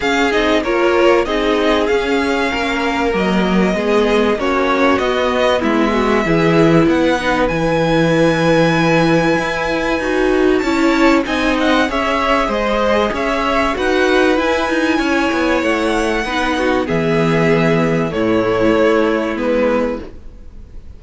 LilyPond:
<<
  \new Staff \with { instrumentName = "violin" } { \time 4/4 \tempo 4 = 96 f''8 dis''8 cis''4 dis''4 f''4~ | f''4 dis''2 cis''4 | dis''4 e''2 fis''4 | gis''1~ |
gis''4 a''4 gis''8 fis''8 e''4 | dis''4 e''4 fis''4 gis''4~ | gis''4 fis''2 e''4~ | e''4 cis''2 b'4 | }
  \new Staff \with { instrumentName = "violin" } { \time 4/4 gis'4 ais'4 gis'2 | ais'2 gis'4 fis'4~ | fis'4 e'8 fis'8 gis'4 b'4~ | b'1~ |
b'4 cis''4 dis''4 cis''4 | c''4 cis''4 b'2 | cis''2 b'8 fis'8 gis'4~ | gis'4 e'2. | }
  \new Staff \with { instrumentName = "viola" } { \time 4/4 cis'8 dis'8 f'4 dis'4 cis'4~ | cis'4 ais4 b4 cis'4 | b2 e'4. dis'8 | e'1 |
fis'4 e'4 dis'4 gis'4~ | gis'2 fis'4 e'4~ | e'2 dis'4 b4~ | b4 a2 b4 | }
  \new Staff \with { instrumentName = "cello" } { \time 4/4 cis'8 c'8 ais4 c'4 cis'4 | ais4 fis4 gis4 ais4 | b4 gis4 e4 b4 | e2. e'4 |
dis'4 cis'4 c'4 cis'4 | gis4 cis'4 dis'4 e'8 dis'8 | cis'8 b8 a4 b4 e4~ | e4 a,4 a4 gis4 | }
>>